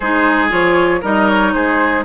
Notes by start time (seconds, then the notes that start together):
0.00 G#3 D#4 G#4 C5
0.49 F3 F4 C#5
1.01 G3 D#4 A#4 D#5
1.28 C#5
1.53 G#3 G#4 C5